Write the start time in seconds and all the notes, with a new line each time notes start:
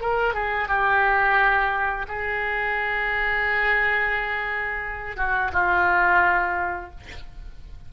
0.00 A#4
0.34 G#4
0.68 G4
2.08 G#4
5.16 F#4
5.52 F4